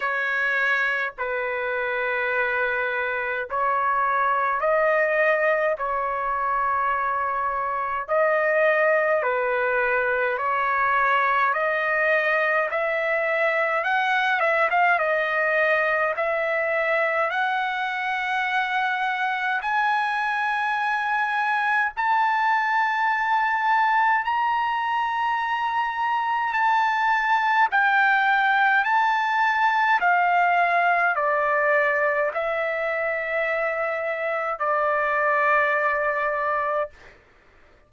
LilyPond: \new Staff \with { instrumentName = "trumpet" } { \time 4/4 \tempo 4 = 52 cis''4 b'2 cis''4 | dis''4 cis''2 dis''4 | b'4 cis''4 dis''4 e''4 | fis''8 e''16 f''16 dis''4 e''4 fis''4~ |
fis''4 gis''2 a''4~ | a''4 ais''2 a''4 | g''4 a''4 f''4 d''4 | e''2 d''2 | }